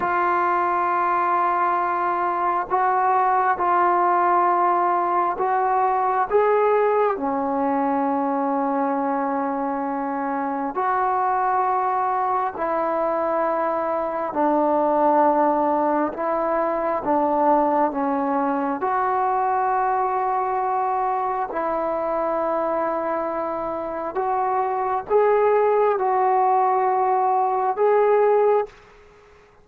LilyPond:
\new Staff \with { instrumentName = "trombone" } { \time 4/4 \tempo 4 = 67 f'2. fis'4 | f'2 fis'4 gis'4 | cis'1 | fis'2 e'2 |
d'2 e'4 d'4 | cis'4 fis'2. | e'2. fis'4 | gis'4 fis'2 gis'4 | }